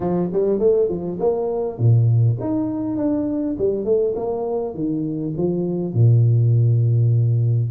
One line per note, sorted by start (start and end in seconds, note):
0.00 0.30 F3
0.32 0.59 G3
0.59 0.88 A3
0.88 1.18 F3
1.19 1.78 A#3
1.78 2.37 A#2
2.40 2.96 D#4
2.96 3.56 D4
3.58 3.85 G3
3.85 4.14 A3
4.15 4.74 A#3
4.74 5.33 D#3
5.37 5.93 F3
5.93 7.71 A#2